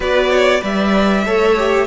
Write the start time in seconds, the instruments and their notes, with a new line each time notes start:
0.00 cello B3, viola F#4, violin B4 D5
0.29 violin C#5
0.61 cello G3, viola B4, violin D5 E5
1.25 cello A3, viola A4, violin C#5
1.57 viola G4